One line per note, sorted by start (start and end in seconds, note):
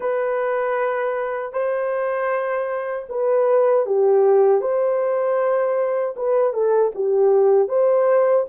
0.00 1.52 B4
1.52 3.06 C5
3.09 3.86 B4
3.86 4.61 G4
4.61 6.15 C5
6.16 6.53 B4
6.53 6.91 A4
6.94 7.68 G4
7.68 8.45 C5